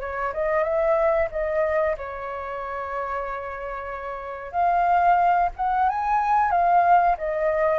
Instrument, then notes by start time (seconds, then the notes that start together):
flute
0.00 C#5
0.33 D#5
0.63 E5
1.31 D#5
1.97 C#5
4.51 F5
5.56 F#5
5.89 G#5
6.51 F5
7.17 D#5